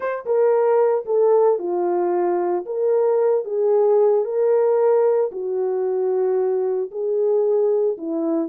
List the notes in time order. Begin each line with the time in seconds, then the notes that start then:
0.00 C5
0.25 A#4
1.05 A4
1.59 F4
2.65 A#4
3.45 G#4
4.24 A#4
5.31 F#4
6.91 G#4
7.97 E4